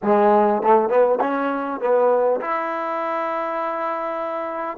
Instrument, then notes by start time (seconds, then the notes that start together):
trombone
0.02 G#3
0.62 A3
0.89 B3
1.20 C#4
1.80 B3
2.41 E4